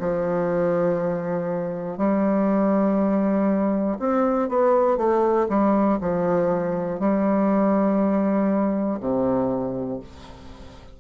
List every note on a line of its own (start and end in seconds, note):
0.00 1.98 F3
1.98 3.98 G3
4.00 4.49 C4
4.49 4.97 B3
4.97 5.47 A3
5.49 5.99 G3
6.01 7.00 F3
7.00 9.00 G3
9.00 10.00 C3